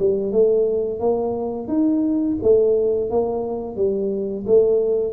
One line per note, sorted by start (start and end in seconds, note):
0.00 0.33 G3
0.33 1.00 A3
1.00 1.68 A#3
1.68 2.37 D#4
2.43 3.11 A3
3.11 3.76 A#3
3.76 4.45 G3
4.47 5.13 A3